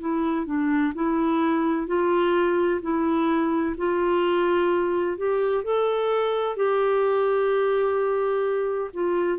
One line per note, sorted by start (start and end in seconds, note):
0.00 0.46 E4
0.46 0.93 D4
0.95 1.87 E4
1.87 2.80 F4
2.82 3.75 E4
3.77 5.17 F4
5.17 5.64 G4
5.64 6.56 A4
6.56 8.91 G4
8.93 9.38 F4